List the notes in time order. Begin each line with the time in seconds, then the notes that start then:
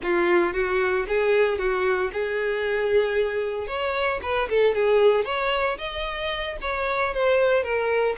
0.03 F4
0.53 F#4
1.07 G#4
1.58 F#4
2.12 G#4
3.67 C#5
4.22 B4
4.49 A4
4.75 G#4
5.24 C#5
5.78 D#5
6.61 C#5
7.14 C5
7.63 A#4